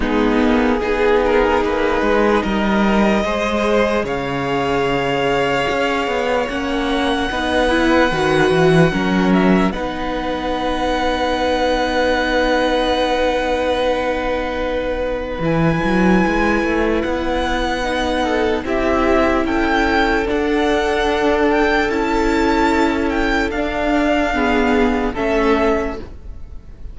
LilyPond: <<
  \new Staff \with { instrumentName = "violin" } { \time 4/4 \tempo 4 = 74 gis'2. dis''4~ | dis''4 f''2. | fis''2.~ fis''8 e''8 | fis''1~ |
fis''2. gis''4~ | gis''4 fis''2 e''4 | g''4 fis''4. g''8 a''4~ | a''8 g''8 f''2 e''4 | }
  \new Staff \with { instrumentName = "violin" } { \time 4/4 dis'4 gis'8 ais'8 b'4 ais'4 | c''4 cis''2.~ | cis''4 b'2 ais'4 | b'1~ |
b'1~ | b'2~ b'8 a'8 g'4 | a'1~ | a'2 gis'4 a'4 | }
  \new Staff \with { instrumentName = "viola" } { \time 4/4 b4 dis'2. | gis'1 | cis'4 dis'8 e'8 fis'4 cis'4 | dis'1~ |
dis'2. e'4~ | e'2 dis'4 e'4~ | e'4 d'2 e'4~ | e'4 d'4 b4 cis'4 | }
  \new Staff \with { instrumentName = "cello" } { \time 4/4 gis8 ais8 b4 ais8 gis8 g4 | gis4 cis2 cis'8 b8 | ais4 b4 dis8 e8 fis4 | b1~ |
b2. e8 fis8 | gis8 a8 b2 c'4 | cis'4 d'2 cis'4~ | cis'4 d'2 a4 | }
>>